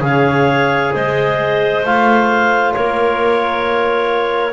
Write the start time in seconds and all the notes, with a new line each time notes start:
0.00 C#3 G#4 C#5 F5
0.93 G#3 C5 D#5
1.84 A3 F4 F5
2.73 A#3 A#4 C#5